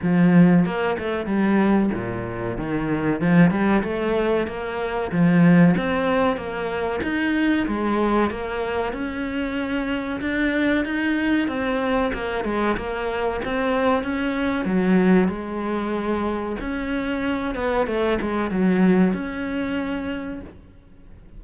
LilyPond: \new Staff \with { instrumentName = "cello" } { \time 4/4 \tempo 4 = 94 f4 ais8 a8 g4 ais,4 | dis4 f8 g8 a4 ais4 | f4 c'4 ais4 dis'4 | gis4 ais4 cis'2 |
d'4 dis'4 c'4 ais8 gis8 | ais4 c'4 cis'4 fis4 | gis2 cis'4. b8 | a8 gis8 fis4 cis'2 | }